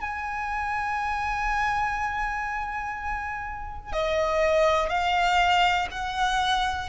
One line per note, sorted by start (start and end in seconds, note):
0.00 3.92 G#5
3.92 4.89 D#5
4.89 5.87 F5
5.91 6.89 F#5